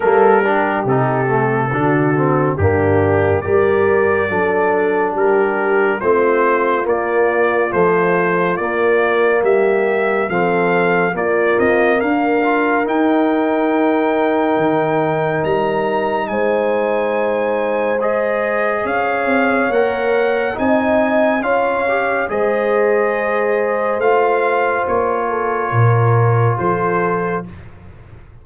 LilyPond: <<
  \new Staff \with { instrumentName = "trumpet" } { \time 4/4 \tempo 4 = 70 ais'4 a'2 g'4 | d''2 ais'4 c''4 | d''4 c''4 d''4 e''4 | f''4 d''8 dis''8 f''4 g''4~ |
g''2 ais''4 gis''4~ | gis''4 dis''4 f''4 fis''4 | gis''4 f''4 dis''2 | f''4 cis''2 c''4 | }
  \new Staff \with { instrumentName = "horn" } { \time 4/4 a'8 g'4. fis'4 d'4 | ais'4 a'4 g'4 f'4~ | f'2. g'4 | a'4 f'4 ais'2~ |
ais'2. c''4~ | c''2 cis''2 | dis''4 cis''4 c''2~ | c''4. a'8 ais'4 a'4 | }
  \new Staff \with { instrumentName = "trombone" } { \time 4/4 ais8 d'8 dis'8 a8 d'8 c'8 ais4 | g'4 d'2 c'4 | ais4 f4 ais2 | c'4 ais4. f'8 dis'4~ |
dis'1~ | dis'4 gis'2 ais'4 | dis'4 f'8 g'8 gis'2 | f'1 | }
  \new Staff \with { instrumentName = "tuba" } { \time 4/4 g4 c4 d4 g,4 | g4 fis4 g4 a4 | ais4 a4 ais4 g4 | f4 ais8 c'8 d'4 dis'4~ |
dis'4 dis4 g4 gis4~ | gis2 cis'8 c'8 ais4 | c'4 cis'4 gis2 | a4 ais4 ais,4 f4 | }
>>